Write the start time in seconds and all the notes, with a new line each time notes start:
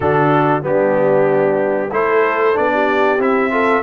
0.00 D3 D4 F#4 A4
0.62 G3 B3 D4 G4
1.91 A3 E4 A4 C5
2.54 B3 D4 D5
2.73 G4
3.18 C4 E4 E5
3.51 F4 A4